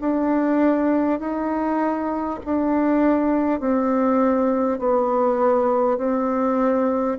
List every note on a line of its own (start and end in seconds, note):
0.00 1.19 D4
1.19 2.39 D#4
2.45 3.59 D4
3.59 4.78 C4
4.78 5.97 B3
5.97 7.17 C4